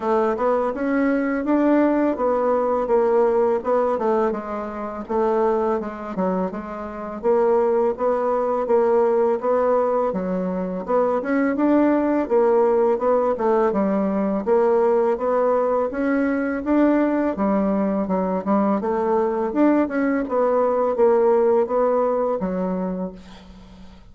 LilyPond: \new Staff \with { instrumentName = "bassoon" } { \time 4/4 \tempo 4 = 83 a8 b8 cis'4 d'4 b4 | ais4 b8 a8 gis4 a4 | gis8 fis8 gis4 ais4 b4 | ais4 b4 fis4 b8 cis'8 |
d'4 ais4 b8 a8 g4 | ais4 b4 cis'4 d'4 | g4 fis8 g8 a4 d'8 cis'8 | b4 ais4 b4 fis4 | }